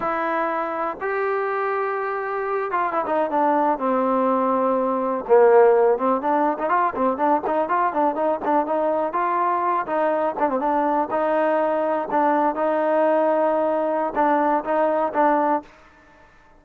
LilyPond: \new Staff \with { instrumentName = "trombone" } { \time 4/4 \tempo 4 = 123 e'2 g'2~ | g'4. f'8 e'16 dis'8 d'4 c'16~ | c'2~ c'8. ais4~ ais16~ | ais16 c'8 d'8. dis'16 f'8 c'8 d'8 dis'8 f'16~ |
f'16 d'8 dis'8 d'8 dis'4 f'4~ f'16~ | f'16 dis'4 d'16 c'16 d'4 dis'4~ dis'16~ | dis'8. d'4 dis'2~ dis'16~ | dis'4 d'4 dis'4 d'4 | }